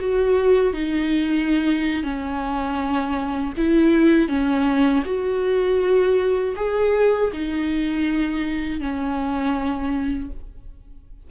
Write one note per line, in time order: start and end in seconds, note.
0.00 0.74 F#4
0.74 2.03 D#4
2.03 3.53 C#4
3.57 4.29 E4
4.29 5.04 C#4
5.05 6.55 F#4
6.56 7.31 G#4
7.33 8.80 D#4
8.80 10.30 C#4